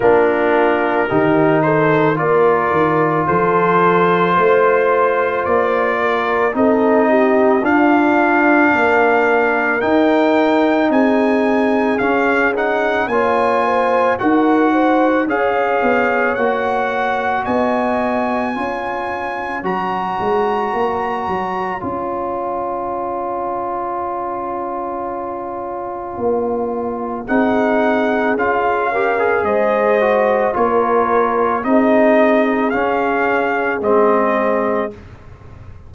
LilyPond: <<
  \new Staff \with { instrumentName = "trumpet" } { \time 4/4 \tempo 4 = 55 ais'4. c''8 d''4 c''4~ | c''4 d''4 dis''4 f''4~ | f''4 g''4 gis''4 f''8 fis''8 | gis''4 fis''4 f''4 fis''4 |
gis''2 ais''2 | gis''1~ | gis''4 fis''4 f''4 dis''4 | cis''4 dis''4 f''4 dis''4 | }
  \new Staff \with { instrumentName = "horn" } { \time 4/4 f'4 g'8 a'8 ais'4 a'4 | c''4. ais'8 a'8 g'8 f'4 | ais'2 gis'2 | cis''8 c''8 ais'8 c''8 cis''2 |
dis''4 cis''2.~ | cis''1~ | cis''4 gis'4. ais'8 c''4 | ais'4 gis'2. | }
  \new Staff \with { instrumentName = "trombone" } { \time 4/4 d'4 dis'4 f'2~ | f'2 dis'4 d'4~ | d'4 dis'2 cis'8 dis'8 | f'4 fis'4 gis'4 fis'4~ |
fis'4 f'4 fis'2 | f'1~ | f'4 dis'4 f'8 g'16 gis'8. fis'8 | f'4 dis'4 cis'4 c'4 | }
  \new Staff \with { instrumentName = "tuba" } { \time 4/4 ais4 dis4 ais8 dis8 f4 | a4 ais4 c'4 d'4 | ais4 dis'4 c'4 cis'4 | ais4 dis'4 cis'8 b8 ais4 |
b4 cis'4 fis8 gis8 ais8 fis8 | cis'1 | ais4 c'4 cis'4 gis4 | ais4 c'4 cis'4 gis4 | }
>>